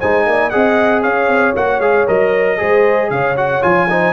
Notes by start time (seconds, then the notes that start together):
0.00 G#3 D#4 C5 G#5
0.27 A#3 D5
0.50 C4 G#4 D#5 F#5
1.03 C#4 C#5 F5
1.28 C4
1.56 A#3 F#4 F#5
1.79 G#3 G#4 F5
2.08 F#3 A#4 D#5
2.58 G#3 G#4 C5
3.11 C#3 C#5 F5
3.37 F#4 F#5
3.62 F3 F4 G#5
3.90 D#4 C5